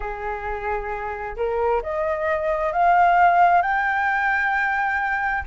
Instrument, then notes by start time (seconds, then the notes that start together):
flute
0.00 G#4
1.36 A#4
1.82 D#5
2.72 F5
3.61 G5